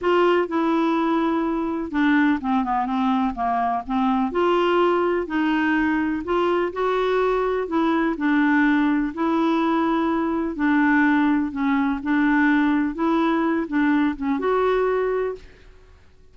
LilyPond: \new Staff \with { instrumentName = "clarinet" } { \time 4/4 \tempo 4 = 125 f'4 e'2. | d'4 c'8 b8 c'4 ais4 | c'4 f'2 dis'4~ | dis'4 f'4 fis'2 |
e'4 d'2 e'4~ | e'2 d'2 | cis'4 d'2 e'4~ | e'8 d'4 cis'8 fis'2 | }